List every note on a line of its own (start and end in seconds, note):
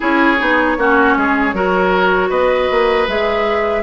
0.00 0.40 C#4
0.00 0.36 E4
0.00 0.77 G#4
0.00 2.30 C#5
0.38 0.77 B3
0.38 0.77 D#4
0.77 1.15 A#3
0.77 1.53 C#4
0.77 1.17 F#4
1.17 1.53 G#3
1.17 1.55 G#4
1.53 2.30 F#3
1.53 3.07 F#4
1.53 2.29 A#4
2.29 2.68 B3
2.29 3.83 B4
2.29 3.07 D#5
2.71 3.07 A#3
3.07 3.83 G#3
3.07 3.83 G#4
3.07 3.83 E5